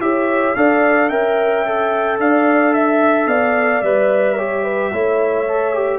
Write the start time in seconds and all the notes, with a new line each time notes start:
0.00 E4 G4 C#5 E5
0.56 D4 A4 D5 F5
1.09 C#4 A#4 E5 G5
1.65 A4
2.19 D4 D5 F5
2.74 E5
3.27 B3 D5 F5
3.82 G3 B4 E5
4.37 G4 C#5
4.64 B4
4.92 A3 E4 C#5
5.48 A4
5.74 G4